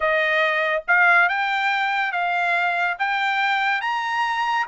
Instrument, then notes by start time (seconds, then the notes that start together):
trumpet
0.00 D#5
0.87 F5
1.28 G5
2.12 F5
2.99 G5
3.81 A#5